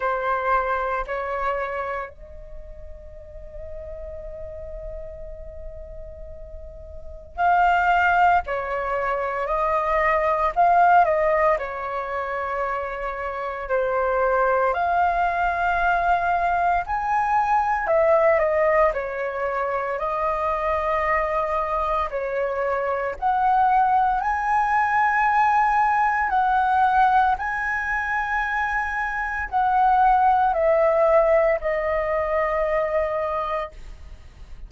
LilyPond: \new Staff \with { instrumentName = "flute" } { \time 4/4 \tempo 4 = 57 c''4 cis''4 dis''2~ | dis''2. f''4 | cis''4 dis''4 f''8 dis''8 cis''4~ | cis''4 c''4 f''2 |
gis''4 e''8 dis''8 cis''4 dis''4~ | dis''4 cis''4 fis''4 gis''4~ | gis''4 fis''4 gis''2 | fis''4 e''4 dis''2 | }